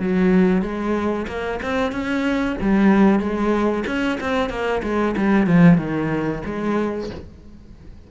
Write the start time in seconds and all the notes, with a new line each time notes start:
0.00 F#3
0.62 G#3
1.28 A#3
1.63 C4
1.92 C#4
2.62 G3
3.20 G#3
3.87 C#4
4.21 C4
4.50 A#3
4.83 G#3
5.17 G3
5.48 F3
5.78 D#3
6.46 G#3